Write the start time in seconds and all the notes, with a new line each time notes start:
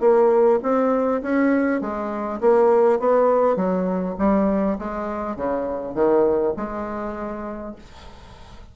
0.00 A#3
0.62 C4
1.22 C#4
1.81 G#3
2.41 A#3
2.99 B3
3.56 F#3
4.18 G3
4.78 G#3
5.36 C#3
5.94 D#3
6.56 G#3